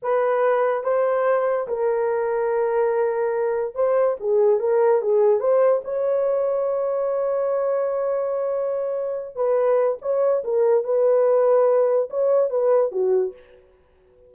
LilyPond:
\new Staff \with { instrumentName = "horn" } { \time 4/4 \tempo 4 = 144 b'2 c''2 | ais'1~ | ais'4 c''4 gis'4 ais'4 | gis'4 c''4 cis''2~ |
cis''1~ | cis''2~ cis''8 b'4. | cis''4 ais'4 b'2~ | b'4 cis''4 b'4 fis'4 | }